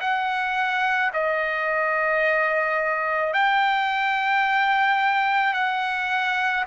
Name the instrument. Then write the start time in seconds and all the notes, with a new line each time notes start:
trumpet
0.00 F#5
1.13 D#5
3.33 G5
5.54 F#5